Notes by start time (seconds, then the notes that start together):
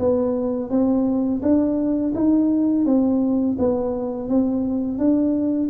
0.00 B3
0.70 C4
1.43 D4
2.15 D#4
2.86 C4
3.59 B3
4.29 C4
4.99 D4